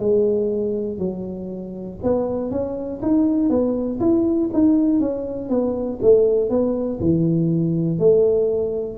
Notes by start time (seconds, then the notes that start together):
0.00 G#3
0.99 F#3
2.03 B3
2.51 C#4
3.02 D#4
3.50 B3
4.00 E4
4.54 D#4
5.01 C#4
5.50 B3
6.02 A3
6.50 B3
7.01 E3
7.99 A3